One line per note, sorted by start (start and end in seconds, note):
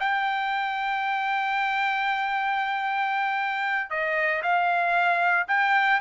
0.00 3.90 G5
3.90 4.43 D#5
4.43 5.47 F5
5.48 6.00 G5